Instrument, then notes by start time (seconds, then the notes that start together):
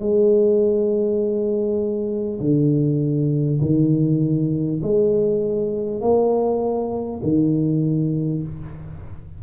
tuba
0.00 G#3
2.40 D3
3.61 D#3
4.83 G#3
6.01 A#3
7.23 D#3